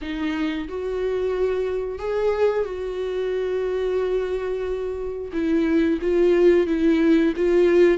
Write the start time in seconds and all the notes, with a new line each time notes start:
0.01 D#4
0.68 F#4
1.98 G#4
2.65 F#4
5.32 E4
6.01 F4
6.66 E4
7.36 F4